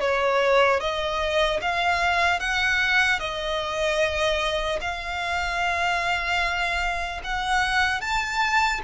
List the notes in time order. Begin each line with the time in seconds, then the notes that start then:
0.00 C#5
0.80 D#5
1.61 F5
2.40 F#5
3.19 D#5
4.81 F5
7.24 F#5
8.01 A5